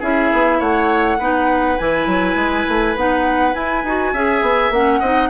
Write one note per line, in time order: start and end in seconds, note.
0.00 0.31 C#4
0.00 1.20 E4
0.00 0.59 G#4
0.00 0.61 E5
0.33 0.60 B3
0.59 1.19 A3
0.59 1.18 C#5
0.59 1.78 F#5
1.19 1.78 B3
1.19 1.79 D#4
1.19 4.13 B4
1.78 2.07 E3
1.78 2.97 E4
1.78 2.96 G#5
2.07 2.35 F#3
2.35 2.65 G#3
2.69 2.96 A3
2.96 3.55 B3
2.96 3.54 D#4
2.96 3.54 F#5
3.54 3.83 E4
3.54 3.84 E4
3.54 4.71 G#5
3.85 4.13 D#4
3.85 4.16 F#4
4.13 4.42 C#4
4.13 4.74 G#4
4.13 5.00 E5
4.42 4.71 B3
4.71 5.00 A#3
4.71 5.04 C#4
4.71 5.30 F#5
5.00 5.30 C4
5.00 5.30 D#4
5.00 5.29 D#5